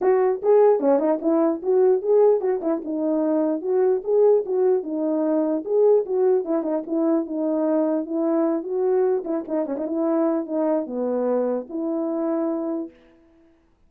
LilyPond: \new Staff \with { instrumentName = "horn" } { \time 4/4 \tempo 4 = 149 fis'4 gis'4 cis'8 dis'8 e'4 | fis'4 gis'4 fis'8 e'8 dis'4~ | dis'4 fis'4 gis'4 fis'4 | dis'2 gis'4 fis'4 |
e'8 dis'8 e'4 dis'2 | e'4. fis'4. e'8 dis'8 | cis'16 dis'16 e'4. dis'4 b4~ | b4 e'2. | }